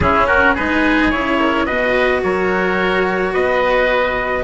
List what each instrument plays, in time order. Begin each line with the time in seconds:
0.00 bassoon C#4, cello C#4, oboe E4, trumpet G#4
0.26 oboe F#4, trumpet A#4
0.54 bassoon G#3, cello D#4, oboe G#4, trumpet B4
1.10 bassoon C#3, cello E4, trumpet C#5
1.39 oboe A#4
1.65 bassoon B2, cello F#4, oboe B4, trumpet D#5
2.23 bassoon F#3, oboe A#4, trumpet C#5
3.33 bassoon B3, oboe B4, trumpet D#5